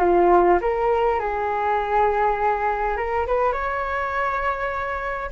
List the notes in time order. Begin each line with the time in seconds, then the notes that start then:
0.00 F4
0.61 A#4
1.20 G#4
2.97 A#4
3.27 B4
3.53 C#5